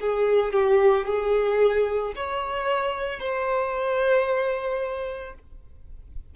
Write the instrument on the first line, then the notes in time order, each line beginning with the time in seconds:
violin
0.00 G#4
0.53 G4
1.06 G#4
2.15 C#5
3.19 C5